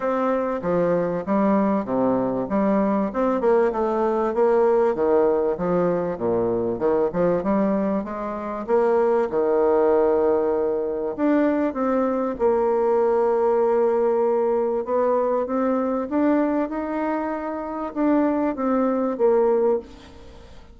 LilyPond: \new Staff \with { instrumentName = "bassoon" } { \time 4/4 \tempo 4 = 97 c'4 f4 g4 c4 | g4 c'8 ais8 a4 ais4 | dis4 f4 ais,4 dis8 f8 | g4 gis4 ais4 dis4~ |
dis2 d'4 c'4 | ais1 | b4 c'4 d'4 dis'4~ | dis'4 d'4 c'4 ais4 | }